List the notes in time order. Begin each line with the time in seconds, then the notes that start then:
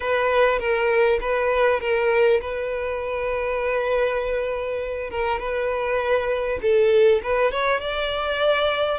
0.00 B4
0.59 A#4
1.20 B4
1.80 A#4
2.41 B4
5.10 A#4
5.39 B4
6.62 A4
7.22 B4
7.51 C#5
7.80 D5